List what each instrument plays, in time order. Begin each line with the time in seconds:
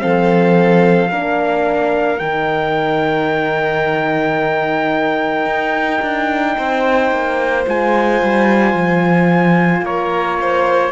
0.00 cello F3, horn C4, violin A4, trumpet F5
1.10 cello A#3, horn D4, violin A#4
2.19 cello D#3, horn D#4, trumpet G5
5.46 cello D#4
6.02 cello D4
6.57 cello C4, violin C5
7.12 cello A#3
7.66 cello G#3, horn F4, trumpet G#5
8.23 cello G3
8.74 cello F3
9.82 cello A#3, violin A#4, trumpet C#5
10.41 violin C5